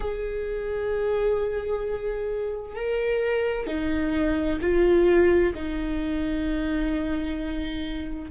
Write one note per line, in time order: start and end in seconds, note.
0.00 2.75 G#4
2.75 3.67 A#4
3.67 4.59 D#4
4.61 5.53 F4
5.54 8.31 D#4